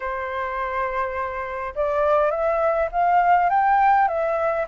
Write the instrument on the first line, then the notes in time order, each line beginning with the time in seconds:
flute
0.00 C5
1.75 D5
2.30 E5
2.91 F5
3.50 G5
4.08 E5